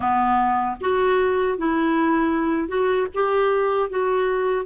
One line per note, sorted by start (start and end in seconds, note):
0.00 0.76 B3
0.80 1.58 F#4
1.58 2.68 E4
2.68 3.07 F#4
3.14 3.89 G4
3.89 4.65 F#4